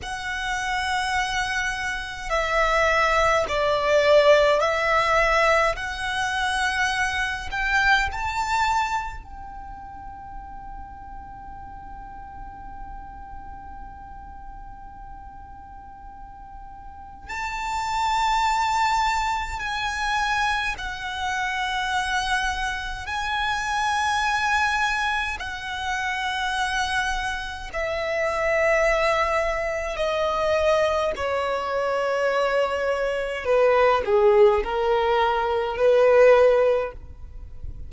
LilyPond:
\new Staff \with { instrumentName = "violin" } { \time 4/4 \tempo 4 = 52 fis''2 e''4 d''4 | e''4 fis''4. g''8 a''4 | g''1~ | g''2. a''4~ |
a''4 gis''4 fis''2 | gis''2 fis''2 | e''2 dis''4 cis''4~ | cis''4 b'8 gis'8 ais'4 b'4 | }